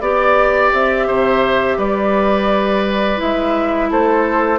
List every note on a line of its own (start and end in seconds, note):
0.00 0.71 B3
0.00 3.17 G4
0.00 0.71 D5
0.00 1.07 D5
0.73 1.07 C4
0.73 1.79 E5
1.07 1.77 C3
1.07 1.77 C5
1.77 3.19 G3
1.77 3.90 B4
1.77 3.20 D5
3.17 3.90 G#3
3.17 4.58 E4
3.17 3.91 E5
3.90 4.59 A3
3.90 4.59 A4
3.90 4.59 C5